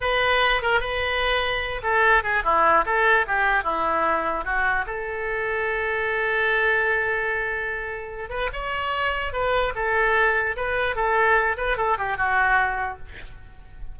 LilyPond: \new Staff \with { instrumentName = "oboe" } { \time 4/4 \tempo 4 = 148 b'4. ais'8 b'2~ | b'8 a'4 gis'8 e'4 a'4 | g'4 e'2 fis'4 | a'1~ |
a'1~ | a'8 b'8 cis''2 b'4 | a'2 b'4 a'4~ | a'8 b'8 a'8 g'8 fis'2 | }